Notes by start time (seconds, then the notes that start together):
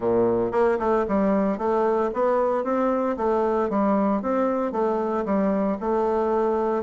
0.00 A#2
0.51 A#3
0.79 A3
1.08 G3
1.57 A3
2.13 B3
2.63 C4
3.17 A3
3.69 G3
4.22 C4
4.72 A3
5.25 G3
5.80 A3